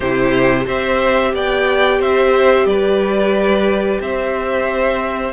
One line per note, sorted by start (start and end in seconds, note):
0.00 0.66 C3
0.00 0.65 E4
0.00 0.65 G4
0.00 0.67 C5
0.65 1.33 C4
0.65 5.32 G4
0.65 1.31 C5
0.65 1.35 E5
1.33 1.99 B3
1.33 1.99 D5
1.33 2.01 G5
1.99 2.65 C4
1.99 2.66 C5
1.99 2.66 E5
2.65 3.99 G3
2.65 4.01 B4
2.65 3.99 D5
4.00 5.33 C4
4.00 5.33 C5
4.00 5.33 E5